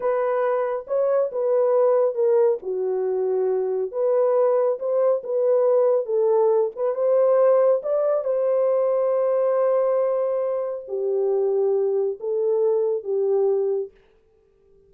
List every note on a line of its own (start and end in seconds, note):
0.00 0.85 B4
0.87 1.30 C#5
1.32 2.14 B4
2.14 2.58 A#4
2.62 3.91 F#4
3.91 4.78 B4
4.79 5.22 C5
5.23 6.05 B4
6.05 6.70 A4
6.75 6.94 B4
6.94 7.81 C5
7.82 8.24 D5
8.24 10.85 C5
10.88 12.18 G4
12.20 13.03 A4
13.03 13.90 G4